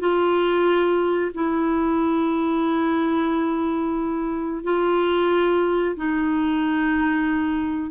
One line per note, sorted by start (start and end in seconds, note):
0.00 1.32 F4
1.35 4.64 E4
4.64 5.96 F4
5.96 7.91 D#4